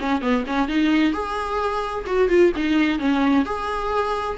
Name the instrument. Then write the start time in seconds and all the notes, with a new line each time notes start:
viola
0.00 C#4
0.22 B3
0.47 C#4
0.68 D#4
1.13 G#4
2.06 F#4
2.29 F4
2.57 D#4
2.99 C#4
3.46 G#4